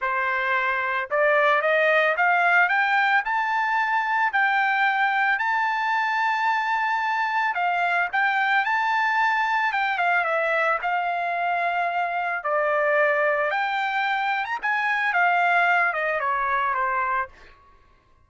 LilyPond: \new Staff \with { instrumentName = "trumpet" } { \time 4/4 \tempo 4 = 111 c''2 d''4 dis''4 | f''4 g''4 a''2 | g''2 a''2~ | a''2 f''4 g''4 |
a''2 g''8 f''8 e''4 | f''2. d''4~ | d''4 g''4.~ g''16 ais''16 gis''4 | f''4. dis''8 cis''4 c''4 | }